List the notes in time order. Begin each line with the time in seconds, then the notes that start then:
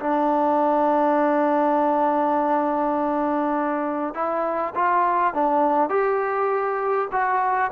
0.00 D4
4.15 E4
4.75 F4
5.34 D4
5.90 G4
7.12 F#4